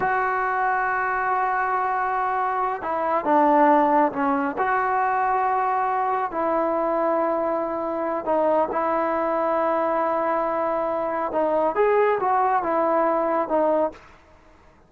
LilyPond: \new Staff \with { instrumentName = "trombone" } { \time 4/4 \tempo 4 = 138 fis'1~ | fis'2~ fis'8 e'4 d'8~ | d'4. cis'4 fis'4.~ | fis'2~ fis'8 e'4.~ |
e'2. dis'4 | e'1~ | e'2 dis'4 gis'4 | fis'4 e'2 dis'4 | }